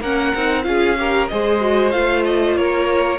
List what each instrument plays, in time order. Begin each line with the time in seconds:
0.00 cello A#3, viola C#4, violin A#4 F#5
0.35 cello C4, viola D#4
0.63 cello C#4, viola F4, violin G#4 F5
0.98 viola G4, violin A#4
1.27 cello G#3, viola G#4, violin C5 D#5
1.60 viola F#4
1.91 cello A3, viola F4, violin F5
2.24 violin D#5
2.56 cello A#3, violin A#4 C#5